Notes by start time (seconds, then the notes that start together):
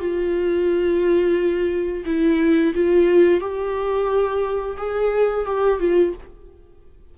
0.00 F4
2.06 E4
2.75 F4
3.41 G4
4.78 G#4
5.46 G4
5.80 F4